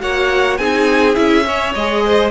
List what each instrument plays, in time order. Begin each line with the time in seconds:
0.00 cello A#3, viola F#4, violin C#5 F#5
0.57 cello C4, viola D#4, violin G#4 G#5
1.14 cello C#4, viola E4, violin E5
1.45 viola C#4, violin C#5
1.74 cello G#3, viola G#4, violin D#5
2.05 violin C5